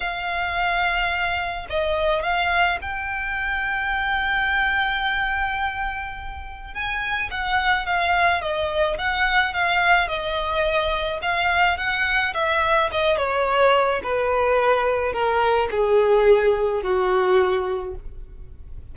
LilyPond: \new Staff \with { instrumentName = "violin" } { \time 4/4 \tempo 4 = 107 f''2. dis''4 | f''4 g''2.~ | g''1 | gis''4 fis''4 f''4 dis''4 |
fis''4 f''4 dis''2 | f''4 fis''4 e''4 dis''8 cis''8~ | cis''4 b'2 ais'4 | gis'2 fis'2 | }